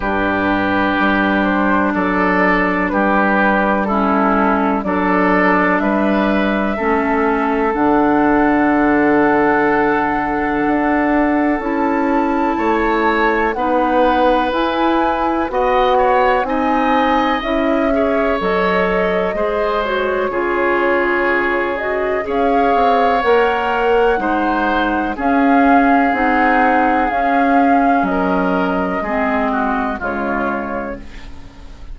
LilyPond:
<<
  \new Staff \with { instrumentName = "flute" } { \time 4/4 \tempo 4 = 62 b'4. c''8 d''4 b'4 | a'4 d''4 e''2 | fis''1 | a''2 fis''4 gis''4 |
fis''4 gis''4 e''4 dis''4~ | dis''8 cis''2 dis''8 f''4 | fis''2 f''4 fis''4 | f''4 dis''2 cis''4 | }
  \new Staff \with { instrumentName = "oboe" } { \time 4/4 g'2 a'4 g'4 | e'4 a'4 b'4 a'4~ | a'1~ | a'4 cis''4 b'2 |
dis''8 cis''8 dis''4. cis''4. | c''4 gis'2 cis''4~ | cis''4 c''4 gis'2~ | gis'4 ais'4 gis'8 fis'8 f'4 | }
  \new Staff \with { instrumentName = "clarinet" } { \time 4/4 d'1 | cis'4 d'2 cis'4 | d'1 | e'2 dis'4 e'4 |
fis'4 dis'4 e'8 gis'8 a'4 | gis'8 fis'8 f'4. fis'8 gis'4 | ais'4 dis'4 cis'4 dis'4 | cis'2 c'4 gis4 | }
  \new Staff \with { instrumentName = "bassoon" } { \time 4/4 g,4 g4 fis4 g4~ | g4 fis4 g4 a4 | d2. d'4 | cis'4 a4 b4 e'4 |
b4 c'4 cis'4 fis4 | gis4 cis2 cis'8 c'8 | ais4 gis4 cis'4 c'4 | cis'4 fis4 gis4 cis4 | }
>>